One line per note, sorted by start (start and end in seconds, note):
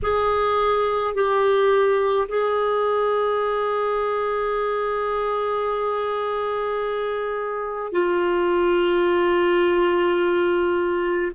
0.02 1.14 G#4
1.14 2.27 G4
2.28 7.91 G#4
7.91 11.31 F4